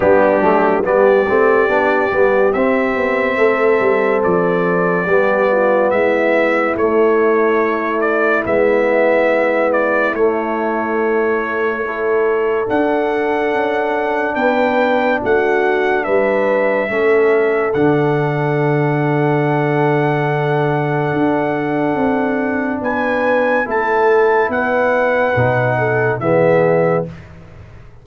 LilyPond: <<
  \new Staff \with { instrumentName = "trumpet" } { \time 4/4 \tempo 4 = 71 g'4 d''2 e''4~ | e''4 d''2 e''4 | cis''4. d''8 e''4. d''8 | cis''2. fis''4~ |
fis''4 g''4 fis''4 e''4~ | e''4 fis''2.~ | fis''2. gis''4 | a''4 fis''2 e''4 | }
  \new Staff \with { instrumentName = "horn" } { \time 4/4 d'4 g'2. | a'2 g'8 f'8 e'4~ | e'1~ | e'2 a'2~ |
a'4 b'4 fis'4 b'4 | a'1~ | a'2. b'4 | a'4 b'4. a'8 gis'4 | }
  \new Staff \with { instrumentName = "trombone" } { \time 4/4 b8 a8 b8 c'8 d'8 b8 c'4~ | c'2 b2 | a2 b2 | a2 e'4 d'4~ |
d'1 | cis'4 d'2.~ | d'1 | e'2 dis'4 b4 | }
  \new Staff \with { instrumentName = "tuba" } { \time 4/4 g8 fis8 g8 a8 b8 g8 c'8 b8 | a8 g8 f4 g4 gis4 | a2 gis2 | a2. d'4 |
cis'4 b4 a4 g4 | a4 d2.~ | d4 d'4 c'4 b4 | a4 b4 b,4 e4 | }
>>